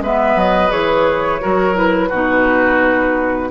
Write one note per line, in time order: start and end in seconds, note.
0.00 0.35 G#3
0.00 0.69 B3
0.00 1.41 B4
0.00 0.39 E5
0.35 0.70 F#3
0.35 0.71 D#5
0.69 1.41 E3
0.69 1.39 G#4
0.69 1.76 C#5
1.40 2.11 F#3
1.40 1.74 F#4
1.40 2.08 A#4
1.74 2.09 E4
1.74 3.50 B4
2.08 3.50 B2
2.08 3.50 D#4
2.08 3.48 F#4